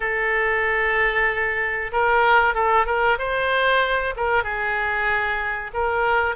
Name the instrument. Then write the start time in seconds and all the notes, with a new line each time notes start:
oboe
0.00 A4
1.91 A#4
2.54 A4
2.86 A#4
3.18 C5
4.16 A#4
4.43 G#4
5.73 A#4